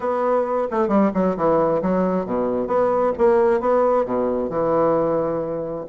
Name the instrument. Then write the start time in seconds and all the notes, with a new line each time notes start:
bassoon
0.00 B3
0.71 A3
0.88 G3
1.14 F#3
1.36 E3
1.82 F#3
2.25 B2
2.67 B3
3.18 A#3
3.60 B3
4.05 B2
4.49 E3